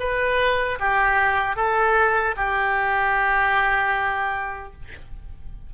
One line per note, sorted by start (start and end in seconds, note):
0.00 0.79 B4
0.80 1.56 G4
1.56 2.35 A4
2.37 4.74 G4